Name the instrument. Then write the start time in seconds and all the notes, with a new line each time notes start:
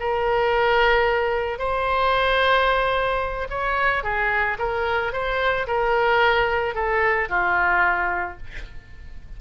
oboe
0.00 A#4
1.59 C5
3.50 C#5
4.03 G#4
4.59 A#4
5.13 C5
5.67 A#4
6.75 A4
7.29 F4